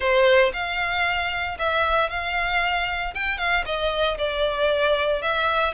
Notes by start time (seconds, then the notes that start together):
0.00 C5
0.53 F5
1.58 E5
2.09 F5
3.14 G5
3.38 F5
3.65 D#5
4.17 D5
5.22 E5